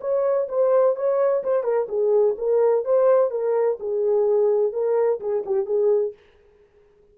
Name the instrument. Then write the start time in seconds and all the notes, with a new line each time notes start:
horn
0.00 C#5
0.48 C5
0.96 C#5
1.43 C5
1.63 A#4
1.88 G#4
2.38 A#4
2.84 C5
3.30 A#4
3.79 G#4
4.72 A#4
5.20 G#4
5.45 G4
5.66 G#4